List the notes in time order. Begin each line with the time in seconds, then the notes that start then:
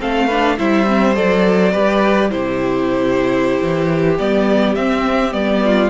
0.00 A3 C4 A4 F5
0.27 D4 B4
0.58 G3 E4 C5 E5
0.87 C4
1.14 F#3 A4 D5
1.73 G3 G4 B4
2.30 C3 E4 G4 C5
3.62 E3
4.19 G3 B3 D5
4.75 C4 E5
5.31 G3 B3 D5
5.65 F4